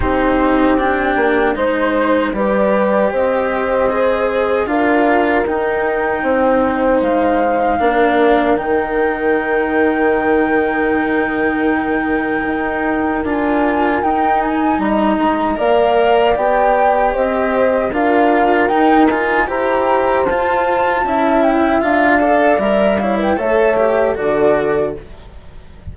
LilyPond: <<
  \new Staff \with { instrumentName = "flute" } { \time 4/4 \tempo 4 = 77 c''4 g''4 c''4 d''4 | dis''2 f''4 g''4~ | g''4 f''2 g''4~ | g''1~ |
g''4 gis''4 g''8 gis''8 ais''4 | f''4 g''4 dis''4 f''4 | g''8 gis''8 ais''4 a''4. g''8 | f''4 e''8 f''16 g''16 e''4 d''4 | }
  \new Staff \with { instrumentName = "horn" } { \time 4/4 g'2 c''4 b'4 | c''2 ais'2 | c''2 ais'2~ | ais'1~ |
ais'2. dis''4 | d''2 c''4 ais'4~ | ais'4 c''2 e''4~ | e''8 d''4 cis''16 b'16 cis''4 a'4 | }
  \new Staff \with { instrumentName = "cello" } { \time 4/4 dis'4 d'4 dis'4 g'4~ | g'4 gis'4 f'4 dis'4~ | dis'2 d'4 dis'4~ | dis'1~ |
dis'4 f'4 dis'2 | ais'4 g'2 f'4 | dis'8 f'8 g'4 f'4 e'4 | f'8 a'8 ais'8 e'8 a'8 g'8 fis'4 | }
  \new Staff \with { instrumentName = "bassoon" } { \time 4/4 c'4. ais8 gis4 g4 | c'2 d'4 dis'4 | c'4 gis4 ais4 dis4~ | dis1 |
dis'4 d'4 dis'4 g8 gis8 | ais4 b4 c'4 d'4 | dis'4 e'4 f'4 cis'4 | d'4 g4 a4 d4 | }
>>